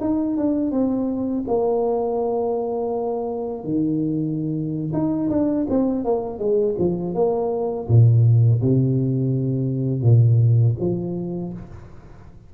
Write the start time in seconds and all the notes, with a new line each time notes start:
0.00 D#4
0.36 D4
0.71 C4
1.47 A#3
3.64 D#3
4.93 D#4
5.29 D4
5.69 C4
6.04 A#3
6.38 G#3
6.78 F3
7.14 A#3
7.88 A#2
8.61 C3
10.01 A#2
10.79 F3